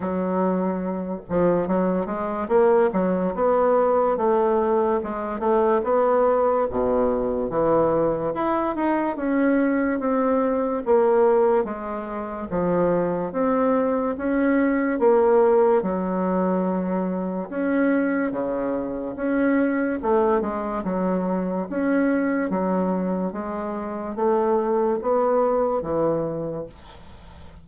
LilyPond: \new Staff \with { instrumentName = "bassoon" } { \time 4/4 \tempo 4 = 72 fis4. f8 fis8 gis8 ais8 fis8 | b4 a4 gis8 a8 b4 | b,4 e4 e'8 dis'8 cis'4 | c'4 ais4 gis4 f4 |
c'4 cis'4 ais4 fis4~ | fis4 cis'4 cis4 cis'4 | a8 gis8 fis4 cis'4 fis4 | gis4 a4 b4 e4 | }